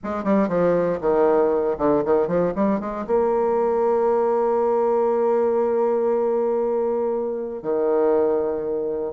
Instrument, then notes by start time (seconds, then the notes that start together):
bassoon
0.03 G#3
0.24 G3
0.48 F3
1.00 D#3
1.78 D3
2.04 D#3
2.27 F3
2.55 G3
2.80 G#3
3.06 A#3
7.62 D#3